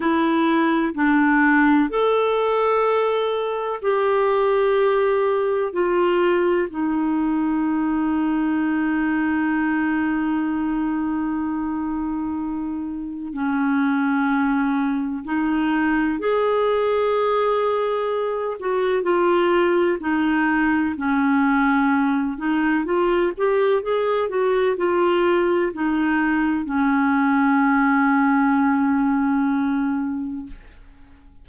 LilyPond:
\new Staff \with { instrumentName = "clarinet" } { \time 4/4 \tempo 4 = 63 e'4 d'4 a'2 | g'2 f'4 dis'4~ | dis'1~ | dis'2 cis'2 |
dis'4 gis'2~ gis'8 fis'8 | f'4 dis'4 cis'4. dis'8 | f'8 g'8 gis'8 fis'8 f'4 dis'4 | cis'1 | }